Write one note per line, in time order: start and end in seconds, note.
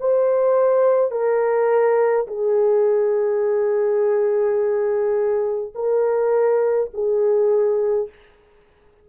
0.00 1.11 C5
1.11 2.27 A#4
2.27 5.73 G#4
5.75 6.90 A#4
6.93 8.09 G#4